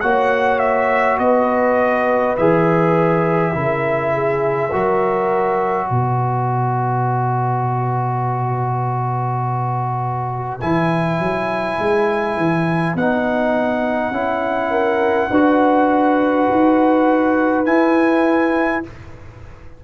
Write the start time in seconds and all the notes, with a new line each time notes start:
0.00 A#3 F#4 C#5 F#5
0.59 E5
1.18 B3 B4 D#5
2.37 E3 G#4 E5
3.52 C#3 E4 A#4
4.14 G#4
4.71 F#3 F#4 A#4
5.86 B2 B4 D#5
10.60 E3 E4 G#5
11.19 F#3
11.78 G#3
12.37 E3
12.95 B3 D#4 F#5
14.11 C#4 E4
14.70 A#4
15.30 D4 F#4 B4
16.50 D#4
17.65 E4 G#5